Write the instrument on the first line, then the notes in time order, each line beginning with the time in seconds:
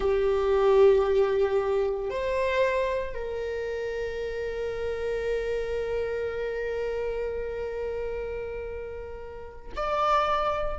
viola
0.00 G4
2.10 C5
3.14 A#4
9.76 D5